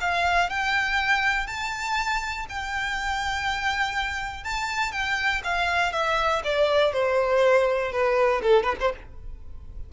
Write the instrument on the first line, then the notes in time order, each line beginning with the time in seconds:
violin
0.00 F5
0.49 G5
1.47 A5
2.49 G5
4.44 A5
4.92 G5
5.44 F5
5.92 E5
6.44 D5
6.92 C5
7.92 B4
8.42 A4
8.63 B4
8.80 C5